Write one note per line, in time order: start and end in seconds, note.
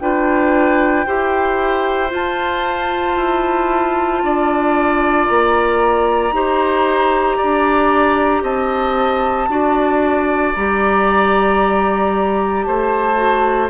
0.00 1.05 D4
0.00 1.06 F4
0.00 1.07 B4
0.00 2.11 G5
1.06 2.13 E4
1.06 2.09 G4
1.06 4.22 C5
2.09 6.30 F4
2.09 3.17 F4
2.09 5.27 A5
3.17 4.22 E4
4.22 5.28 D4
4.22 6.35 D5
5.27 6.32 A#3
5.27 8.43 A#5
6.32 7.37 D#4
6.32 9.49 G4
6.32 7.37 C5
7.37 8.43 D4
7.37 8.43 D5
8.43 9.48 C4
8.43 9.48 D#5
8.43 10.54 A5
9.48 10.54 D4
9.48 10.55 F#4
9.48 12.67 D5
10.54 12.67 G3
10.54 13.16 G4
10.54 12.63 A#5
12.63 13.70 A3
12.63 13.70 C5
12.63 13.68 A5
13.16 13.69 F#4